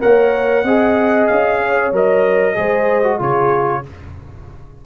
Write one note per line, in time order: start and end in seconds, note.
0.00 0.64 A#3
0.00 0.64 A#4
0.00 0.65 C#5
0.00 1.28 F#5
0.64 1.28 C4
0.64 1.93 G#4
0.64 1.60 D#5
1.28 1.93 C#4
1.28 1.91 F5
1.61 2.57 C#5
1.93 2.56 F#3
1.93 2.55 A#4
1.93 3.22 D#5
2.55 3.21 G#3
2.55 3.03 G#4
2.55 3.18 C5
3.04 3.20 F#4
3.18 3.84 C#3
3.18 3.83 F4
3.18 3.82 G#4
3.18 3.86 C#5